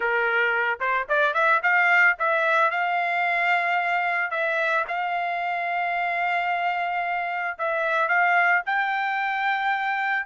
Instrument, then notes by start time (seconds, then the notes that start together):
trumpet
0.00 A#4
0.80 C5
1.09 D5
1.33 E5
1.62 F5
2.18 E5
2.70 F5
4.30 E5
4.87 F5
7.58 E5
8.08 F5
8.66 G5